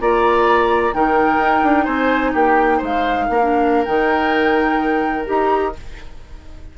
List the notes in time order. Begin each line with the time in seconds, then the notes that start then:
0.00 A#3 F4 D5 A#5
0.93 D#3 D#4 A#4 G5
1.38 D#4
1.63 D4
1.85 C4 C5 G#5
2.33 A#3 G4 G5
2.78 G#3 C5
2.85 F5
3.29 A#3 A#4
3.40 D4
3.85 D#3 D#4 G5
5.26 D#4 G4 A#5